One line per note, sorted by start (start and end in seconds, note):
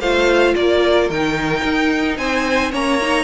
0.00 0.54 A3
0.00 1.11 F4
0.00 0.55 C5
0.00 0.55 F5
0.56 1.09 A#3
0.56 2.17 A#4
0.56 1.10 D5
1.09 1.64 D#3
1.09 2.72 D#4
1.09 2.17 G5
1.64 2.18 D#4
2.17 2.72 C4
2.17 2.71 C5
2.17 2.72 G#5
2.71 3.24 A#3
2.71 2.99 C#4
2.71 3.24 C#5
2.71 3.24 A#5
3.02 3.24 D#4